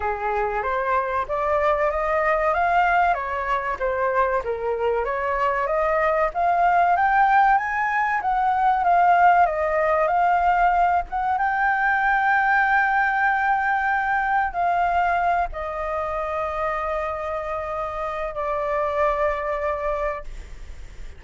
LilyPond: \new Staff \with { instrumentName = "flute" } { \time 4/4 \tempo 4 = 95 gis'4 c''4 d''4 dis''4 | f''4 cis''4 c''4 ais'4 | cis''4 dis''4 f''4 g''4 | gis''4 fis''4 f''4 dis''4 |
f''4. fis''8 g''2~ | g''2. f''4~ | f''8 dis''2.~ dis''8~ | dis''4 d''2. | }